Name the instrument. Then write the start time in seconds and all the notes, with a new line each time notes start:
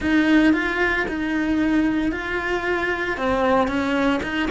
cello
0.00 D#4
0.53 F4
1.08 D#4
2.11 F4
3.17 C4
3.67 C#4
4.22 D#4